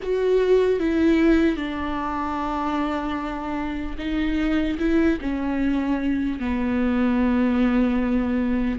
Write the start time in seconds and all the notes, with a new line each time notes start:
0.02 F#4
0.79 E4
1.56 D4
3.97 D#4
4.78 E4
5.21 C#4
6.39 B3